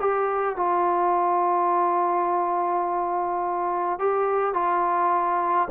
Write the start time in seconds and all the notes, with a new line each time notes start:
0.00 G4
0.56 F4
3.99 G4
4.54 F4